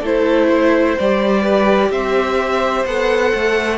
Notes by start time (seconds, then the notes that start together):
0.00 A3 E4 A4 C5
0.49 C5
0.99 G3 G4 D5
1.42 B4
1.91 C4 C5 E5
2.86 B3 A4 F#5
3.34 A3